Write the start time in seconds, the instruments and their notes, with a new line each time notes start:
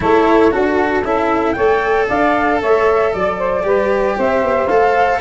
0.00 tuba A3, cello E4, saxophone A4, flute C#5
0.51 tuba D4, cello F#4, saxophone F#4, flute A4
1.03 tuba C#4, cello E4, saxophone A4, flute E5
1.52 tuba A3, cello A4, saxophone C#5, flute G5
2.07 tuba D4, saxophone D5, flute F5
2.60 tuba A3, saxophone C#5, flute E5
3.13 tuba F#3, saxophone D5, flute D5
3.37 saxophone C5
3.63 tuba G3, cello G4, saxophone B4
4.16 tuba C4, saxophone C5, flute E5
4.42 tuba B3
4.67 tuba A3, cello A4, flute F5